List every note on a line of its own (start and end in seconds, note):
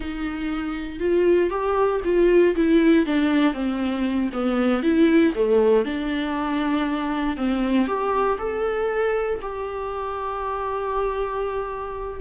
0.00 0.99 D#4
0.99 1.50 F4
1.50 2.00 G4
2.04 2.55 F4
2.55 3.05 E4
3.05 3.53 D4
3.53 4.30 C4
4.32 4.82 B3
4.82 5.33 E4
5.35 5.85 A3
5.85 7.36 D4
7.36 7.87 C4
7.87 8.38 G4
8.38 9.40 A4
9.41 12.20 G4